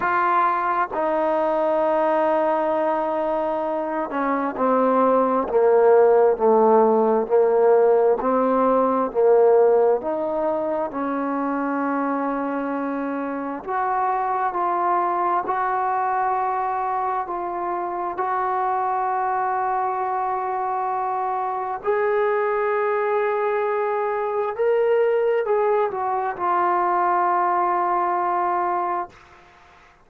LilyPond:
\new Staff \with { instrumentName = "trombone" } { \time 4/4 \tempo 4 = 66 f'4 dis'2.~ | dis'8 cis'8 c'4 ais4 a4 | ais4 c'4 ais4 dis'4 | cis'2. fis'4 |
f'4 fis'2 f'4 | fis'1 | gis'2. ais'4 | gis'8 fis'8 f'2. | }